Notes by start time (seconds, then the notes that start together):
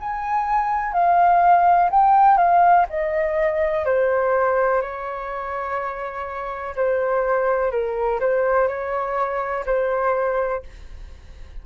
0.00 G#5
0.93 F5
1.90 G5
2.38 F5
2.90 D#5
3.86 C5
4.82 C#5
6.76 C5
7.72 A#4
8.20 C5
8.68 C#5
9.66 C5